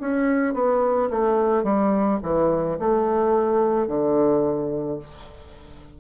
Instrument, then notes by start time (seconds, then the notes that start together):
bassoon
0.00 C#4
0.54 B3
1.10 A3
1.63 G3
2.23 E3
2.79 A3
3.87 D3